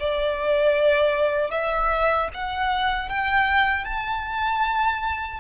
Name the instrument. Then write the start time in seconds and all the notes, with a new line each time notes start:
violin
0.00 D5
1.51 E5
2.34 F#5
3.09 G5
3.85 A5